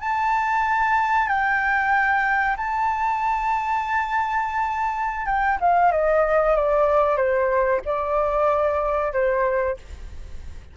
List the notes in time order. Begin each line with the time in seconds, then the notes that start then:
0.00 A5
1.28 G5
2.56 A5
5.26 G5
5.60 F5
5.91 D#5
6.55 D5
7.16 C5
7.85 D5
9.12 C5